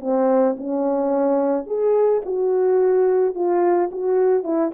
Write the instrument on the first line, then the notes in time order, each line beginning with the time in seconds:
horn
0.00 C4
0.57 C#4
1.66 G#4
2.25 F#4
3.34 F4
3.91 F#4
4.43 E4